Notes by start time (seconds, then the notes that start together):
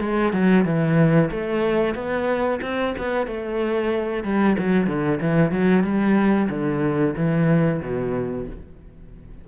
0.00 G#3
0.33 F#3
0.65 E3
1.31 A3
1.94 B3
2.61 C4
2.98 B3
3.27 A3
4.24 G3
4.58 F#3
4.87 D3
5.21 E3
5.51 F#3
5.83 G3
6.50 D3
7.16 E3
7.82 B2